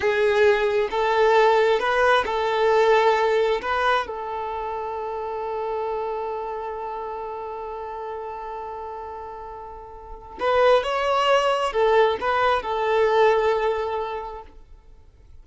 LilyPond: \new Staff \with { instrumentName = "violin" } { \time 4/4 \tempo 4 = 133 gis'2 a'2 | b'4 a'2. | b'4 a'2.~ | a'1~ |
a'1~ | a'2. b'4 | cis''2 a'4 b'4 | a'1 | }